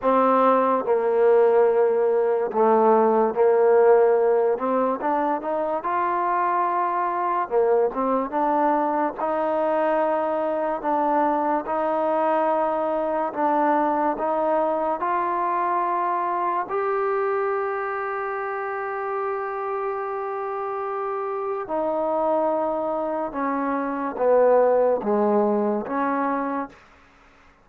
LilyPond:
\new Staff \with { instrumentName = "trombone" } { \time 4/4 \tempo 4 = 72 c'4 ais2 a4 | ais4. c'8 d'8 dis'8 f'4~ | f'4 ais8 c'8 d'4 dis'4~ | dis'4 d'4 dis'2 |
d'4 dis'4 f'2 | g'1~ | g'2 dis'2 | cis'4 b4 gis4 cis'4 | }